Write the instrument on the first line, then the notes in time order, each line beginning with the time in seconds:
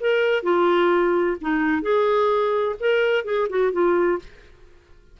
clarinet
0.00 A#4
0.43 F4
1.41 D#4
1.82 G#4
2.80 A#4
3.24 G#4
3.49 F#4
3.72 F4